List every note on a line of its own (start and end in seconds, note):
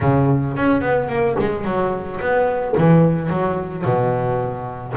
0.01 0.56 C#3
0.56 0.81 C#4
0.81 1.08 B3
1.08 1.36 A#3
1.39 1.64 G#3
1.64 2.19 F#3
2.20 2.75 B3
2.77 3.29 E3
3.29 3.84 F#3
3.84 4.94 B2